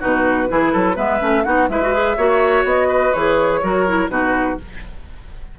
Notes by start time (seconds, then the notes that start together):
0.00 B2 D#4 F#4 B4
0.48 E3 E4 G#4
0.72 F#3 A4
0.96 G#3 B3 B4 E5
1.20 A3 C#4
1.44 B3 D#4 F#4 F#5
1.69 G#3 E4 B4 E5
1.83 F#4
1.94 G#4
2.17 A#3 F#4 C#5
2.65 B3 D#5
2.88 B4
3.14 E3 G#4 C#5
3.63 F#3 F#4 A#4
3.87 E4
4.09 B2 D#4 F#4 B4